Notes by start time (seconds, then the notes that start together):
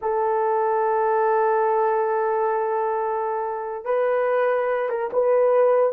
0.01 A4
3.84 B4
4.89 A#4
5.12 B4